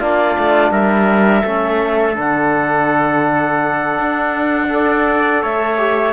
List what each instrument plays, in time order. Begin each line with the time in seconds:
0.00 cello A#3, trombone D4, trumpet F4, clarinet D5
0.39 cello A3
0.71 cello G3, trumpet A#4, clarinet E5
1.43 cello A3, trombone C#4, trumpet A4
2.16 cello D3, trombone D4, clarinet F#5
3.99 cello D4
4.69 trombone A4, trumpet D5
5.43 cello A3, trumpet C#5, clarinet E5
5.78 trombone G4